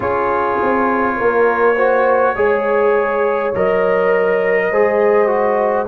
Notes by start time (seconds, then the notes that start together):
0.00 C#4 F4 G#4 C#5
0.62 C4
1.16 A#3 A#4
1.75 F#4 C5
2.35 G#3 G#4 C#5
3.55 F#3 A#4 D#5
4.71 G#3 G#4 C5
5.27 F#4